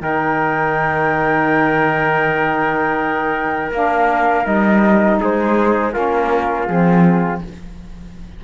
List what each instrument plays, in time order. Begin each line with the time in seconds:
0.00 cello D#3, saxophone D#4, trumpet A#4, flute G5
3.72 cello A#3, saxophone D4, flute F5
4.44 cello G3, saxophone D#4, flute D#5
5.21 cello G#3, trumpet G#4, flute C5
5.92 cello A#3, saxophone C#4, trumpet F4, flute A#4
6.66 cello F3, saxophone C4, flute G#4